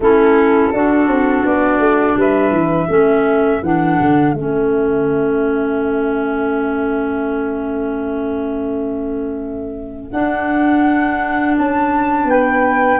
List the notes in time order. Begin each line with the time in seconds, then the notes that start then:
0.00 A3 C#4 E4 A4
0.73 D4 F#4
1.07 C4
1.45 B3 D5
1.79 A3
2.16 G3 B4 E5
2.51 E3
2.88 A3 C#4 A4
3.62 E3 D4 F#5
4.00 D3
4.33 A3 C#4 E5
10.10 D4 F#5
11.58 C#4 A5
12.25 B3 B4 G5